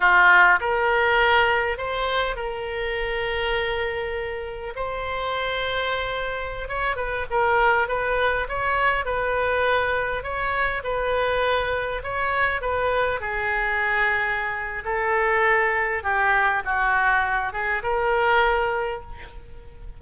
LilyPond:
\new Staff \with { instrumentName = "oboe" } { \time 4/4 \tempo 4 = 101 f'4 ais'2 c''4 | ais'1 | c''2.~ c''16 cis''8 b'16~ | b'16 ais'4 b'4 cis''4 b'8.~ |
b'4~ b'16 cis''4 b'4.~ b'16~ | b'16 cis''4 b'4 gis'4.~ gis'16~ | gis'4 a'2 g'4 | fis'4. gis'8 ais'2 | }